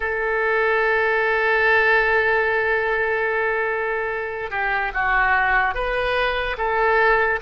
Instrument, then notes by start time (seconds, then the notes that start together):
oboe
0.00 A4
4.50 G4
4.94 F#4
5.74 B4
6.57 A4